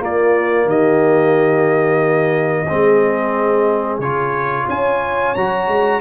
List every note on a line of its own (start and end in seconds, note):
0.00 2.67 A#3
0.00 0.66 A#3
0.00 0.67 F4
0.00 0.69 D5
0.66 2.66 D#3
0.66 2.67 G4
0.66 4.00 D#5
2.67 3.99 G#3
2.67 4.02 C4
2.67 4.66 G#4
3.99 4.65 C#3
3.99 5.36 F4
3.99 4.67 C#5
4.66 5.36 C#4
4.66 6.00 C#5
4.66 5.35 G#5
5.35 5.68 F#3
5.35 6.01 F#4
5.35 6.01 A#5
5.68 6.01 G#3